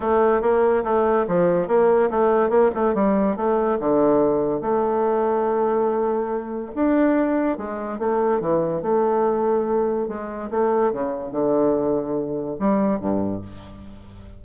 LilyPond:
\new Staff \with { instrumentName = "bassoon" } { \time 4/4 \tempo 4 = 143 a4 ais4 a4 f4 | ais4 a4 ais8 a8 g4 | a4 d2 a4~ | a1 |
d'2 gis4 a4 | e4 a2. | gis4 a4 cis4 d4~ | d2 g4 g,4 | }